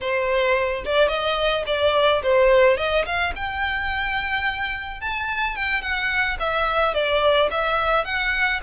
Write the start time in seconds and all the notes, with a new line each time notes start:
0.01 C5
0.85 D5
1.08 D#5
1.66 D5
2.22 C5
2.77 D#5
3.05 F5
3.35 G5
5.00 A5
5.55 G5
5.81 F#5
6.39 E5
6.93 D5
7.51 E5
8.04 F#5